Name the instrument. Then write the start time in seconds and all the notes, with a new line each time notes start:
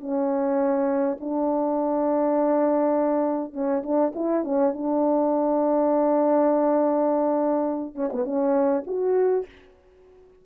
horn
0.00 C#4
1.20 D4
3.53 C#4
3.83 D4
4.15 E4
4.44 C#4
4.73 D4
7.95 C#4
8.12 B3
8.25 C#4
8.87 F#4